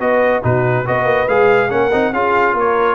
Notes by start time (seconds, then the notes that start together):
0.00 B3 F#4 B4 D#5
0.43 B2 D#4 F#4 B4
0.85 B3 F#4 B4 D#5
1.05 A#3
1.28 G#3 G#4 F5
1.70 A#3 C#4 A#4 F#5
1.92 C4 D#4
2.13 C#4 F4 G#4 F5
2.54 A#3 A#4 C#5